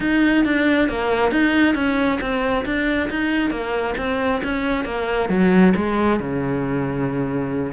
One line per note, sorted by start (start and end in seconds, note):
0.00 0.44 D#4
0.44 0.88 D4
0.88 1.31 A#3
1.31 1.74 D#4
1.74 2.19 C#4
2.20 2.64 C4
2.65 3.09 D4
3.10 3.50 D#4
3.50 3.94 A#3
3.97 4.41 C4
4.43 4.84 C#4
4.84 5.29 A#3
5.29 5.73 F#3
5.76 6.19 G#3
6.19 7.72 C#3